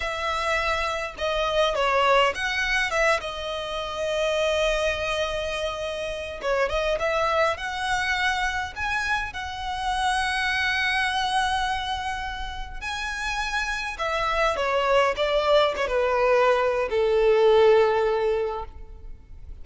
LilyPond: \new Staff \with { instrumentName = "violin" } { \time 4/4 \tempo 4 = 103 e''2 dis''4 cis''4 | fis''4 e''8 dis''2~ dis''8~ | dis''2. cis''8 dis''8 | e''4 fis''2 gis''4 |
fis''1~ | fis''2 gis''2 | e''4 cis''4 d''4 cis''16 b'8.~ | b'4 a'2. | }